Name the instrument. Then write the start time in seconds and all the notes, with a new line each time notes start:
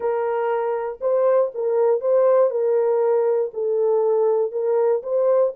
horn
0.00 A#4
1.01 C5
1.54 A#4
2.00 C5
2.50 A#4
3.53 A4
4.51 A#4
5.02 C5